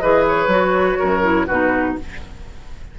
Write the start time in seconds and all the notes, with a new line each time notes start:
0.00 E3 G#4 B4 D#5
0.27 C#5
0.47 F#3 F#4
0.99 F#2 A#4
1.22 E4
1.46 B2 D#4 F#4 B4